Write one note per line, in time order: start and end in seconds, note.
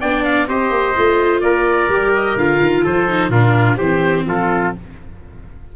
0.00 0.48 B3
0.00 0.48 D4
0.00 0.48 D5
0.00 0.24 G5
0.24 0.47 F5
0.48 0.70 C4
0.48 0.95 G4
0.48 1.43 C5
0.48 1.40 D#5
0.70 0.94 A#3
0.96 1.41 A3
0.96 1.90 F4
1.40 1.88 A#3
1.40 2.83 A#4
1.40 2.11 D5
1.88 2.35 G3
1.88 2.38 G4
2.15 2.38 D#5
2.36 2.59 D3
2.36 3.08 F4
2.36 2.85 F5
2.60 2.84 D#3
2.83 3.29 F3
2.83 3.31 A4
2.83 3.31 C5
3.08 3.31 D#4
3.29 3.76 A#2
3.29 3.78 D4
3.29 3.77 F4
3.29 3.77 A#4
3.77 4.25 E3
3.77 4.76 C4
3.77 4.24 G4
3.77 4.24 C5
4.25 4.73 F3
4.25 4.76 F4
4.25 4.75 A4